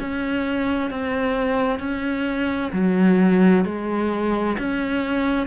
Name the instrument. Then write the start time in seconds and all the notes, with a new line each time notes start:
cello
0.00 C#4
0.91 C4
1.79 C#4
2.72 F#3
3.65 G#3
4.58 C#4